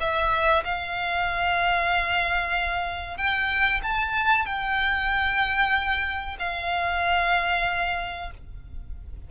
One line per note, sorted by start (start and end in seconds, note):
0.00 0.64 E5
0.65 3.17 F5
3.17 3.81 G5
3.83 4.46 A5
4.46 6.37 G5
6.39 8.31 F5